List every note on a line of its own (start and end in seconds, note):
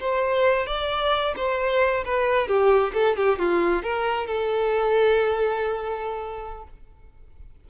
0.00 0.67 C5
0.67 1.34 D5
1.37 2.04 C5
2.05 2.48 B4
2.48 2.93 G4
2.94 3.16 A4
3.17 3.39 G4
3.39 3.83 F4
3.83 4.27 A#4
4.27 6.64 A4